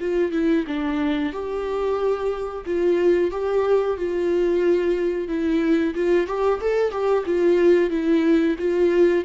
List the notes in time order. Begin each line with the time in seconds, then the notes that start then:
0.00 F4
0.31 E4
0.67 D4
1.32 G4
2.65 F4
3.31 G4
3.97 F4
5.28 E4
5.94 F4
6.27 G4
6.60 A4
6.91 G4
7.25 F4
7.90 E4
8.58 F4